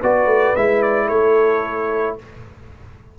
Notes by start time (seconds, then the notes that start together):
0.00 B3 F#4 B4 D5
0.26 A3
0.56 G#3 E4 E5
0.82 D5
1.06 A3 A4 C#5